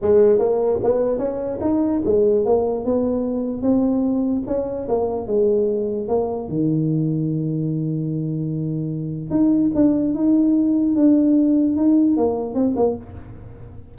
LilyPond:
\new Staff \with { instrumentName = "tuba" } { \time 4/4 \tempo 4 = 148 gis4 ais4 b4 cis'4 | dis'4 gis4 ais4 b4~ | b4 c'2 cis'4 | ais4 gis2 ais4 |
dis1~ | dis2. dis'4 | d'4 dis'2 d'4~ | d'4 dis'4 ais4 c'8 ais8 | }